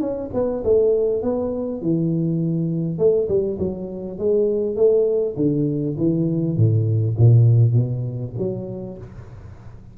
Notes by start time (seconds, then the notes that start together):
0.00 C#4
0.33 B3
0.63 A3
1.22 B3
1.81 E3
2.98 A3
3.28 G3
3.58 F#3
4.18 G#3
4.76 A3
5.36 D3
5.97 E3
6.56 A2
7.17 A#2
7.73 B2
8.38 F#3